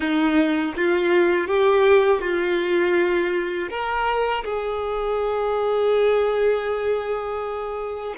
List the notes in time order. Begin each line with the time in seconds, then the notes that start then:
0.00 D#4
0.76 F4
1.47 G4
2.21 F4
3.70 A#4
4.44 G#4